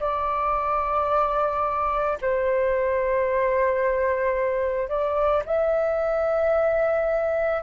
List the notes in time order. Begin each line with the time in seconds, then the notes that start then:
0.00 D5
2.22 C5
4.89 D5
5.45 E5